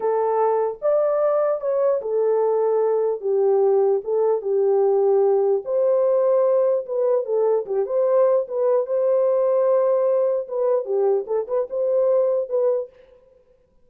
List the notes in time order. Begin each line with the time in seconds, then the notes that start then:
0.00 A4
0.81 D5
1.60 C#5
2.01 A4
3.20 G4
4.04 A4
4.41 G4
5.64 C5
6.85 B4
7.25 A4
7.65 G4
7.86 C5
8.48 B4
8.86 C5
10.48 B4
10.85 G4
11.26 A4
11.47 B4
11.70 C5
12.49 B4